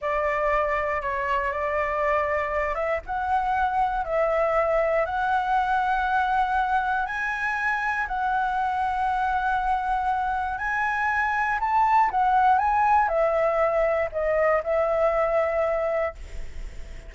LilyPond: \new Staff \with { instrumentName = "flute" } { \time 4/4 \tempo 4 = 119 d''2 cis''4 d''4~ | d''4. e''8 fis''2 | e''2 fis''2~ | fis''2 gis''2 |
fis''1~ | fis''4 gis''2 a''4 | fis''4 gis''4 e''2 | dis''4 e''2. | }